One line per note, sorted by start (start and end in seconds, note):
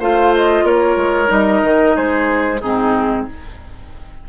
0.00 0.64 A3
0.00 1.27 F4
0.00 0.65 C5
0.00 0.35 F5
0.35 0.67 D#5
0.64 0.97 A#3
0.64 1.96 A#4
0.64 1.32 C#5
0.97 1.29 G#3
1.27 1.63 G3
1.27 2.57 D#4
1.27 1.97 D#5
1.64 1.96 D#3
1.96 2.62 G#3
1.96 2.61 G#4
1.96 2.61 C5
2.61 3.28 G#2
2.61 3.29 C4
2.61 3.26 D#4
2.61 3.26 G#4